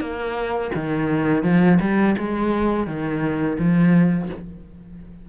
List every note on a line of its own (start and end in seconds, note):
0.00 0.71 A#3
0.74 1.43 D#3
1.43 1.78 F3
1.80 2.15 G3
2.18 2.87 G#3
2.87 3.57 D#3
3.58 4.29 F3